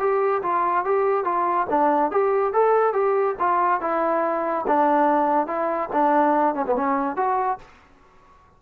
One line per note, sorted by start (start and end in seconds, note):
0.00 0.42 G4
0.43 0.85 F4
0.85 1.25 G4
1.25 1.67 F4
1.70 2.11 D4
2.11 2.54 G4
2.54 2.94 A4
2.94 3.36 G4
3.39 3.81 F4
3.81 4.66 E4
4.67 5.47 D4
5.47 5.89 E4
5.93 6.55 D4
6.55 6.66 C#4
6.67 6.76 B3
6.76 7.17 C#4
7.17 7.59 F#4